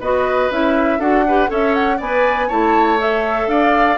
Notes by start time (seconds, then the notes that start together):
0.00 B3 F#4 B4 D#5
0.50 C#4 E4 E5
0.99 D4 F#4 A4 F#5
1.28 G4 B4
1.47 C#4 A4 C#5 E5
1.74 F#5
1.97 B3 B4 D5 G#5
2.47 A3 E4 C#5 A5
2.98 A4 E5
3.47 D4 D5 F5